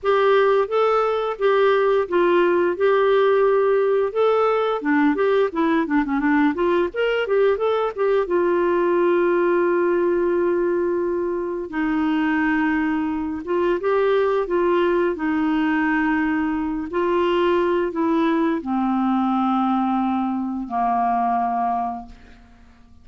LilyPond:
\new Staff \with { instrumentName = "clarinet" } { \time 4/4 \tempo 4 = 87 g'4 a'4 g'4 f'4 | g'2 a'4 d'8 g'8 | e'8 d'16 cis'16 d'8 f'8 ais'8 g'8 a'8 g'8 | f'1~ |
f'4 dis'2~ dis'8 f'8 | g'4 f'4 dis'2~ | dis'8 f'4. e'4 c'4~ | c'2 ais2 | }